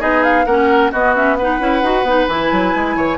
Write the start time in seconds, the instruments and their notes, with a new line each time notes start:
0.00 bassoon B3, clarinet D#4, oboe G#4, flute D#5
0.24 flute F5
0.46 bassoon A#3, clarinet C#4, oboe A#4, flute F#5
0.92 bassoon B3, clarinet B3, oboe F#4, flute D#5
1.15 clarinet C#4, flute E5
1.36 clarinet D#4, oboe B4, flute F#5
1.60 bassoon C#4, clarinet E4
1.82 bassoon D#4, clarinet F#4
2.03 bassoon B3, clarinet D#4
2.28 bassoon E3, clarinet E4, flute G#5
2.52 bassoon F#3
2.75 bassoon G#3
2.96 bassoon E3, oboe C#5